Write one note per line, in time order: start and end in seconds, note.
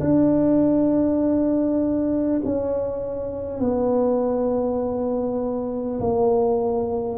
0.00 2.40 D4
2.44 3.59 C#4
3.59 5.99 B3
6.00 7.18 A#3